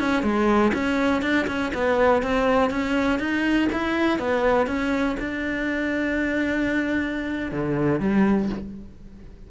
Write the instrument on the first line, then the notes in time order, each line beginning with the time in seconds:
cello
0.00 C#4
0.23 G#3
0.74 C#4
1.22 D4
1.48 C#4
1.74 B3
2.23 C4
2.70 C#4
3.19 D#4
3.72 E4
4.19 B3
4.67 C#4
5.20 D4
7.52 D3
8.00 G3